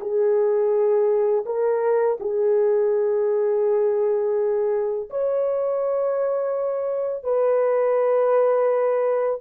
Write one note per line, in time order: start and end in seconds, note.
0.00 1.45 G#4
1.45 2.18 A#4
2.20 5.09 G#4
5.10 7.23 C#5
7.23 9.40 B4